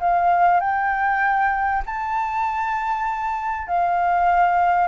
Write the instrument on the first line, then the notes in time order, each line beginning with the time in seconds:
flute
0.00 F5
0.61 G5
1.86 A5
3.68 F5